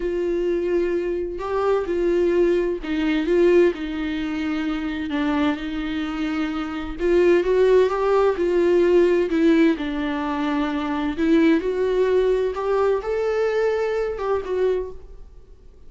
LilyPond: \new Staff \with { instrumentName = "viola" } { \time 4/4 \tempo 4 = 129 f'2. g'4 | f'2 dis'4 f'4 | dis'2. d'4 | dis'2. f'4 |
fis'4 g'4 f'2 | e'4 d'2. | e'4 fis'2 g'4 | a'2~ a'8 g'8 fis'4 | }